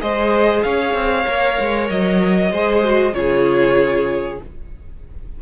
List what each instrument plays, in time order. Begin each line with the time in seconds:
0.00 cello G#3, viola G#4, violin C5 D#5
0.63 cello C#4, violin C#5 F5
0.94 cello C4
1.27 cello A#3, viola A#4
1.60 cello G#3
1.90 cello F#3, violin D#5
2.52 cello G#3, viola G#4, violin C5
2.85 viola F#4
3.13 cello C#3, viola F4, violin G#4 C#5